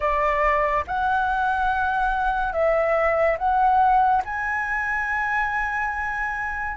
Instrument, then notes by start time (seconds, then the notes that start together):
flute
0.00 D5
0.87 F#5
2.52 E5
3.38 F#5
4.24 G#5